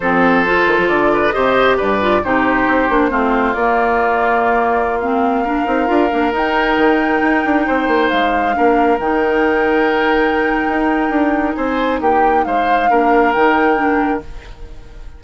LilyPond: <<
  \new Staff \with { instrumentName = "flute" } { \time 4/4 \tempo 4 = 135 c''2 d''4 dis''4 | d''4 c''2. | d''2.~ d''16 f''8.~ | f''2~ f''16 g''4.~ g''16~ |
g''2~ g''16 f''4.~ f''16~ | f''16 g''2.~ g''8.~ | g''2 gis''4 g''4 | f''2 g''2 | }
  \new Staff \with { instrumentName = "oboe" } { \time 4/4 a'2~ a'8 b'8 c''4 | b'4 g'2 f'4~ | f'1~ | f'16 ais'2.~ ais'8.~ |
ais'4~ ais'16 c''2 ais'8.~ | ais'1~ | ais'2 c''4 g'4 | c''4 ais'2. | }
  \new Staff \with { instrumentName = "clarinet" } { \time 4/4 c'4 f'2 g'4~ | g'8 f'8 dis'4. d'8 c'4 | ais2.~ ais16 c'8.~ | c'16 d'8 dis'8 f'8 d'8 dis'4.~ dis'16~ |
dis'2.~ dis'16 d'8.~ | d'16 dis'2.~ dis'8.~ | dis'1~ | dis'4 d'4 dis'4 d'4 | }
  \new Staff \with { instrumentName = "bassoon" } { \time 4/4 f4. dis16 f16 d4 c4 | g,4 c4 c'8 ais8 a4 | ais1~ | ais8. c'8 d'8 ais8 dis'4 dis8.~ |
dis16 dis'8 d'8 c'8 ais8 gis4 ais8.~ | ais16 dis2.~ dis8. | dis'4 d'4 c'4 ais4 | gis4 ais4 dis2 | }
>>